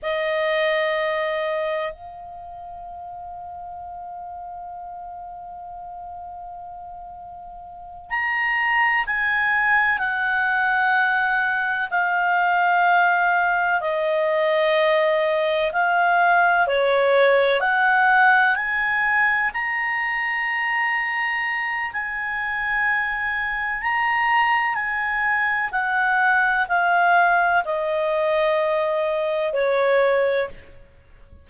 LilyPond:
\new Staff \with { instrumentName = "clarinet" } { \time 4/4 \tempo 4 = 63 dis''2 f''2~ | f''1~ | f''8 ais''4 gis''4 fis''4.~ | fis''8 f''2 dis''4.~ |
dis''8 f''4 cis''4 fis''4 gis''8~ | gis''8 ais''2~ ais''8 gis''4~ | gis''4 ais''4 gis''4 fis''4 | f''4 dis''2 cis''4 | }